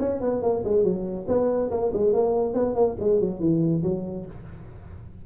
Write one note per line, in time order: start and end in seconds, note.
0.00 0.21 C#4
0.21 0.43 B3
0.43 0.64 A#3
0.64 0.84 G#3
0.84 1.27 F#3
1.28 1.71 B3
1.71 1.92 A#3
1.93 2.13 G#3
2.13 2.54 A#3
2.54 2.75 B3
2.75 2.97 A#3
3.00 3.21 G#3
3.21 3.40 F#3
3.40 3.83 E3
3.84 4.26 F#3